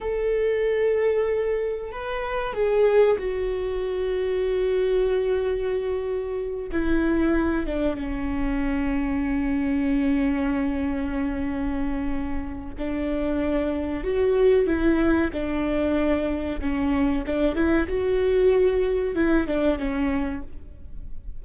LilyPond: \new Staff \with { instrumentName = "viola" } { \time 4/4 \tempo 4 = 94 a'2. b'4 | gis'4 fis'2.~ | fis'2~ fis'8 e'4. | d'8 cis'2.~ cis'8~ |
cis'1 | d'2 fis'4 e'4 | d'2 cis'4 d'8 e'8 | fis'2 e'8 d'8 cis'4 | }